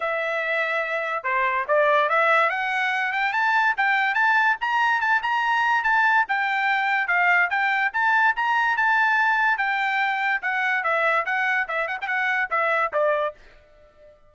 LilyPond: \new Staff \with { instrumentName = "trumpet" } { \time 4/4 \tempo 4 = 144 e''2. c''4 | d''4 e''4 fis''4. g''8 | a''4 g''4 a''4 ais''4 | a''8 ais''4. a''4 g''4~ |
g''4 f''4 g''4 a''4 | ais''4 a''2 g''4~ | g''4 fis''4 e''4 fis''4 | e''8 fis''16 g''16 fis''4 e''4 d''4 | }